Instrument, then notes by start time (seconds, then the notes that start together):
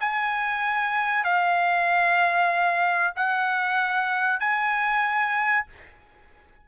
trumpet
0.00 G#5
1.24 F5
3.16 F#5
4.40 G#5